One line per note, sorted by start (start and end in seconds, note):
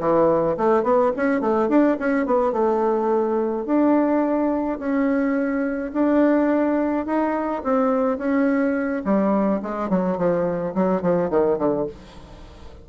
0.00 0.57 E3
0.57 0.83 A3
0.83 1.12 B3
1.17 1.41 C#4
1.41 1.69 A3
1.69 1.97 D4
2.00 2.26 C#4
2.26 2.52 B3
2.52 3.66 A3
3.66 4.79 D4
4.79 5.92 C#4
5.94 7.06 D4
7.06 7.63 D#4
7.64 8.18 C4
8.18 9.03 C#4
9.05 9.61 G3
9.63 9.90 G#3
9.90 10.18 F#3
10.18 10.75 F3
10.75 11.02 F#3
11.02 11.30 F3
11.30 11.58 D#3
11.58 11.87 D3